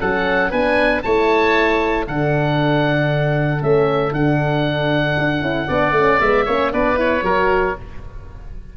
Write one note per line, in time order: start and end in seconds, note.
0.00 0.52 F#3
0.00 0.52 C#4
0.00 0.50 A4
0.00 0.52 F#5
0.50 1.04 B3
0.50 1.04 D4
0.50 1.02 B4
0.50 1.02 G#5
1.02 2.08 A3
1.02 2.07 E4
1.02 2.06 C#5
1.02 2.05 A5
2.06 3.62 D3
2.06 3.59 D4
2.06 5.67 A4
2.06 3.62 F#5
3.59 4.12 A3
3.59 4.11 C#4
3.59 4.13 E5
4.11 5.15 D3
4.11 5.41 D4
4.11 6.20 F#5
5.18 5.41 D4
5.41 5.67 C#4
5.41 5.66 E4
5.67 5.91 B3
5.67 5.94 D4
5.67 6.45 D5
5.91 6.17 A3
5.91 6.20 C#4
6.20 6.47 G#3
6.20 6.46 B3
6.20 6.72 E5
6.45 6.73 A#3
6.45 6.72 C#4
6.45 6.71 C#5
6.72 7.22 B3
6.72 6.95 D4
6.72 7.24 B4
6.72 6.98 D5
6.95 7.21 E4
6.95 7.77 C#5
7.22 7.74 F#3
7.22 7.77 F#4
7.22 7.76 A#4